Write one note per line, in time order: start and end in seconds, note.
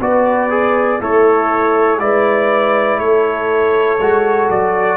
0.00 1.00 B3
0.00 0.50 F#4
0.00 0.99 B4
0.00 1.02 D5
0.50 1.00 G#4
0.99 1.99 A3
0.99 1.99 E4
0.99 1.99 A4
0.99 1.99 C#5
1.99 2.98 G#3
1.99 3.99 E4
1.99 3.01 B4
1.99 2.99 D5
2.98 3.98 A3
2.98 4.97 A4
2.98 4.49 C#5
3.99 4.49 G#3
3.99 4.97 F#4
4.50 4.97 F#3
4.50 4.97 D5